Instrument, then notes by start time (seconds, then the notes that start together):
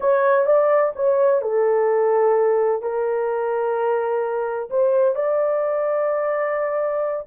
horn
0.00 C#5
0.46 D5
0.95 C#5
1.41 A4
2.82 A#4
4.69 C5
5.15 D5